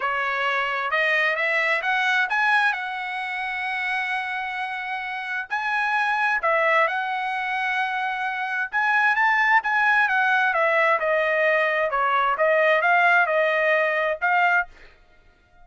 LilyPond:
\new Staff \with { instrumentName = "trumpet" } { \time 4/4 \tempo 4 = 131 cis''2 dis''4 e''4 | fis''4 gis''4 fis''2~ | fis''1 | gis''2 e''4 fis''4~ |
fis''2. gis''4 | a''4 gis''4 fis''4 e''4 | dis''2 cis''4 dis''4 | f''4 dis''2 f''4 | }